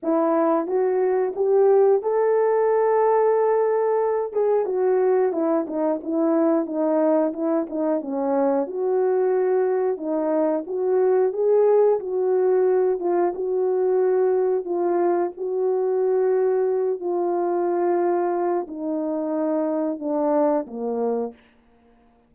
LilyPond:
\new Staff \with { instrumentName = "horn" } { \time 4/4 \tempo 4 = 90 e'4 fis'4 g'4 a'4~ | a'2~ a'8 gis'8 fis'4 | e'8 dis'8 e'4 dis'4 e'8 dis'8 | cis'4 fis'2 dis'4 |
fis'4 gis'4 fis'4. f'8 | fis'2 f'4 fis'4~ | fis'4. f'2~ f'8 | dis'2 d'4 ais4 | }